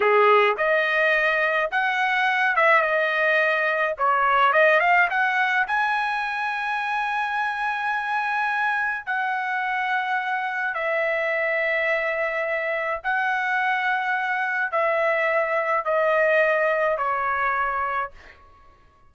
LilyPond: \new Staff \with { instrumentName = "trumpet" } { \time 4/4 \tempo 4 = 106 gis'4 dis''2 fis''4~ | fis''8 e''8 dis''2 cis''4 | dis''8 f''8 fis''4 gis''2~ | gis''1 |
fis''2. e''4~ | e''2. fis''4~ | fis''2 e''2 | dis''2 cis''2 | }